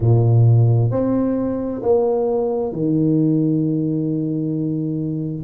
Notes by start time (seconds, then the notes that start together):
0.00 A#2
0.90 C4
1.82 A#3
2.72 D#3